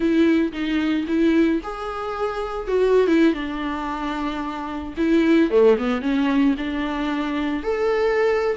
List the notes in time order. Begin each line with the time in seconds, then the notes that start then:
0.00 E4
0.52 D#4
1.07 E4
1.63 G#4
2.67 F#4
3.07 E4
3.33 D4
4.97 E4
5.50 A3
5.78 B3
6.01 C#4
6.57 D4
7.63 A4